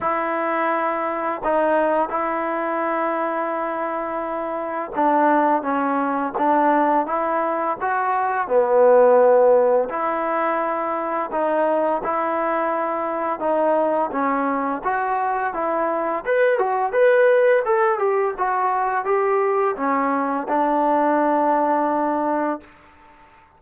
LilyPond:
\new Staff \with { instrumentName = "trombone" } { \time 4/4 \tempo 4 = 85 e'2 dis'4 e'4~ | e'2. d'4 | cis'4 d'4 e'4 fis'4 | b2 e'2 |
dis'4 e'2 dis'4 | cis'4 fis'4 e'4 b'8 fis'8 | b'4 a'8 g'8 fis'4 g'4 | cis'4 d'2. | }